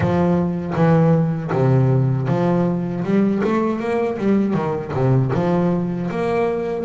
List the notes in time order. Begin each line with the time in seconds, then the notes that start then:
0.00 F3
0.75 E3
1.52 C3
2.28 F3
3.04 G3
3.43 A3
3.79 A#3
4.18 G3
4.54 D#3
4.93 C3
5.34 F3
6.10 A#3